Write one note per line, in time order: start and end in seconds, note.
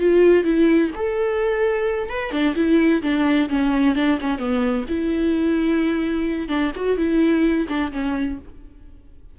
0.00 0.45 F4
0.45 0.91 E4
0.96 2.10 A4
2.10 2.32 B4
2.32 2.55 D4
2.56 3.02 E4
3.03 3.49 D4
3.49 3.96 C#4
3.96 4.19 D4
4.21 4.39 C#4
4.39 4.85 B3
4.89 6.49 E4
6.49 6.72 D4
6.76 6.98 F#4
6.98 7.67 E4
7.69 7.92 D4
7.92 8.39 C#4